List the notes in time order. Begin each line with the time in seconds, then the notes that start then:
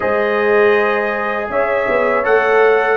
0.00 G#3 G#4 C5 D#5
1.49 C#4 C#5 E5
1.88 B3
2.24 A3 A4 F#5